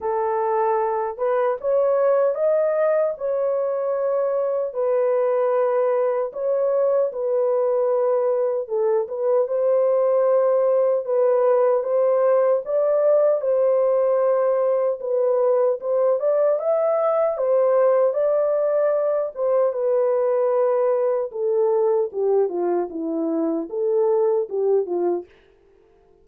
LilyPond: \new Staff \with { instrumentName = "horn" } { \time 4/4 \tempo 4 = 76 a'4. b'8 cis''4 dis''4 | cis''2 b'2 | cis''4 b'2 a'8 b'8 | c''2 b'4 c''4 |
d''4 c''2 b'4 | c''8 d''8 e''4 c''4 d''4~ | d''8 c''8 b'2 a'4 | g'8 f'8 e'4 a'4 g'8 f'8 | }